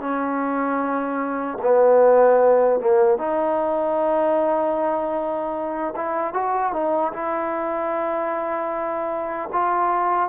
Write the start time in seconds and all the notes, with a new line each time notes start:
0.00 C#4
1.62 B3
2.80 A#3
3.18 D#4
5.96 E4
6.34 F#4
6.73 D#4
7.13 E4
9.53 F4